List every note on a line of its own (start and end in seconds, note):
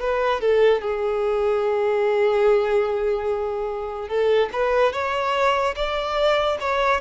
0.00 0.40 B4
0.40 0.81 A4
0.81 4.08 G#4
4.08 4.49 A4
4.52 4.92 B4
4.92 5.75 C#5
5.75 6.58 D5
6.60 7.00 C#5